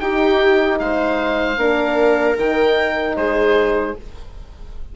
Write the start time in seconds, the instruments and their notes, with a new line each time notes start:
0.00 bassoon D#4, horn D#4, viola G4, oboe G5
0.79 bassoon G#3, viola C5, oboe F5
1.57 bassoon A#3, horn D4, viola A#4
2.37 bassoon D#3, horn D#4, oboe G5
3.16 bassoon G#3, viola G#4, oboe C5